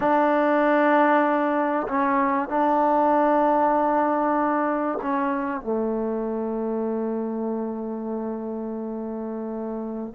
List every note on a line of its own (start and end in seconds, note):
0.00 1.87 D4
1.88 2.49 C#4
2.49 4.99 D4
5.01 5.61 C#4
5.61 10.14 A3